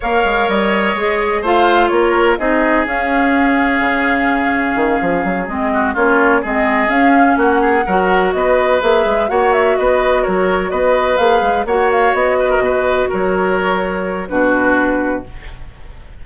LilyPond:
<<
  \new Staff \with { instrumentName = "flute" } { \time 4/4 \tempo 4 = 126 f''4 dis''2 f''4 | cis''4 dis''4 f''2~ | f''2.~ f''8 dis''8~ | dis''8 cis''4 dis''4 f''4 fis''8~ |
fis''4. dis''4 e''4 fis''8 | e''8 dis''4 cis''4 dis''4 f''8~ | f''8 fis''8 f''8 dis''2 cis''8~ | cis''2 b'2 | }
  \new Staff \with { instrumentName = "oboe" } { \time 4/4 cis''2. c''4 | ais'4 gis'2.~ | gis'1 | fis'8 f'4 gis'2 fis'8 |
gis'8 ais'4 b'2 cis''8~ | cis''8 b'4 ais'4 b'4.~ | b'8 cis''4. b'16 ais'16 b'4 ais'8~ | ais'2 fis'2 | }
  \new Staff \with { instrumentName = "clarinet" } { \time 4/4 ais'2 gis'4 f'4~ | f'4 dis'4 cis'2~ | cis'2.~ cis'8 c'8~ | c'8 cis'4 c'4 cis'4.~ |
cis'8 fis'2 gis'4 fis'8~ | fis'2.~ fis'8 gis'8~ | gis'8 fis'2.~ fis'8~ | fis'2 d'2 | }
  \new Staff \with { instrumentName = "bassoon" } { \time 4/4 ais8 gis8 g4 gis4 a4 | ais4 c'4 cis'2 | cis2 dis8 f8 fis8 gis8~ | gis8 ais4 gis4 cis'4 ais8~ |
ais8 fis4 b4 ais8 gis8 ais8~ | ais8 b4 fis4 b4 ais8 | gis8 ais4 b4 b,4 fis8~ | fis2 b,2 | }
>>